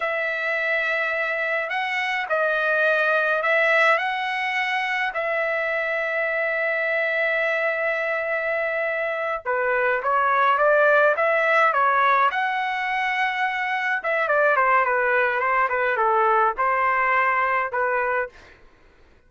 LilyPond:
\new Staff \with { instrumentName = "trumpet" } { \time 4/4 \tempo 4 = 105 e''2. fis''4 | dis''2 e''4 fis''4~ | fis''4 e''2.~ | e''1~ |
e''8 b'4 cis''4 d''4 e''8~ | e''8 cis''4 fis''2~ fis''8~ | fis''8 e''8 d''8 c''8 b'4 c''8 b'8 | a'4 c''2 b'4 | }